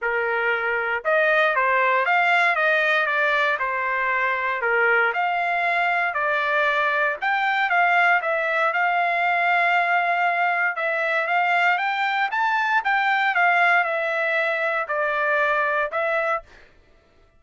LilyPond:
\new Staff \with { instrumentName = "trumpet" } { \time 4/4 \tempo 4 = 117 ais'2 dis''4 c''4 | f''4 dis''4 d''4 c''4~ | c''4 ais'4 f''2 | d''2 g''4 f''4 |
e''4 f''2.~ | f''4 e''4 f''4 g''4 | a''4 g''4 f''4 e''4~ | e''4 d''2 e''4 | }